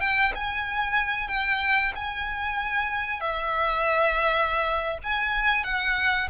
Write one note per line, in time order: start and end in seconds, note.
0.00 0.32 G5
0.35 1.28 G#5
1.28 1.92 G5
1.95 3.20 G#5
3.20 4.98 E5
5.03 5.63 G#5
5.63 6.28 F#5